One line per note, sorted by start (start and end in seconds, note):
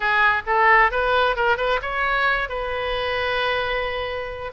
0.00 0.42 G#4
0.46 0.91 A4
0.91 1.36 B4
1.36 1.57 A#4
1.57 1.79 B4
1.82 2.49 C#5
2.49 4.52 B4